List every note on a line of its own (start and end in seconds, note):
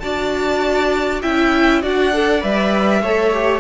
0.00 1.23 D4
0.00 1.23 F#4
0.00 1.22 D5
0.00 1.20 A5
1.22 1.83 C#4
1.22 1.82 E4
1.22 1.82 E5
1.22 1.82 G5
1.82 2.43 D4
1.82 2.12 F#4
1.82 3.02 D5
1.82 2.43 F#5
2.13 2.41 A4
2.41 3.02 G3
2.41 3.01 B4
2.41 3.60 E5
3.02 3.60 A3
3.02 3.33 A4
3.02 3.60 C#5
3.33 3.60 G4